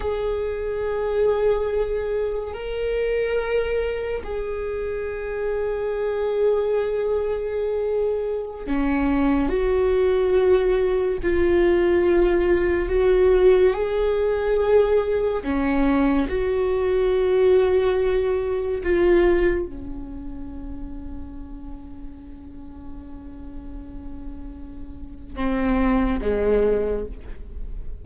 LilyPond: \new Staff \with { instrumentName = "viola" } { \time 4/4 \tempo 4 = 71 gis'2. ais'4~ | ais'4 gis'2.~ | gis'2~ gis'16 cis'4 fis'8.~ | fis'4~ fis'16 f'2 fis'8.~ |
fis'16 gis'2 cis'4 fis'8.~ | fis'2~ fis'16 f'4 cis'8.~ | cis'1~ | cis'2 c'4 gis4 | }